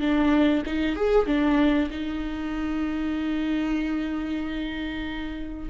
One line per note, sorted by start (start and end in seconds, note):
0.00 0.63 D4
0.66 0.96 D#4
0.96 1.27 G#4
1.27 1.90 D4
1.91 5.70 D#4